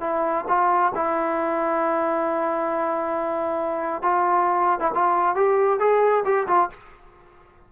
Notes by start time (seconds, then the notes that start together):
0.00 E4
0.48 F4
0.95 E4
4.02 F4
4.80 E4
4.94 F4
5.35 G4
5.79 G#4
6.24 G4
6.47 F4